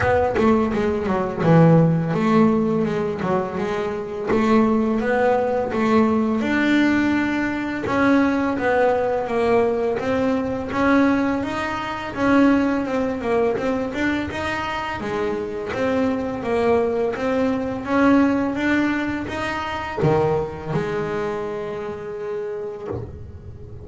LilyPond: \new Staff \with { instrumentName = "double bass" } { \time 4/4 \tempo 4 = 84 b8 a8 gis8 fis8 e4 a4 | gis8 fis8 gis4 a4 b4 | a4 d'2 cis'4 | b4 ais4 c'4 cis'4 |
dis'4 cis'4 c'8 ais8 c'8 d'8 | dis'4 gis4 c'4 ais4 | c'4 cis'4 d'4 dis'4 | dis4 gis2. | }